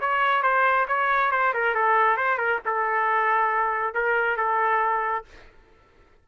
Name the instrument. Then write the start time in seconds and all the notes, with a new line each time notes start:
trumpet
0.00 C#5
0.43 C5
0.88 C#5
1.31 C5
1.54 A#4
1.74 A4
2.17 C5
2.38 A#4
2.65 A4
3.94 A#4
4.37 A4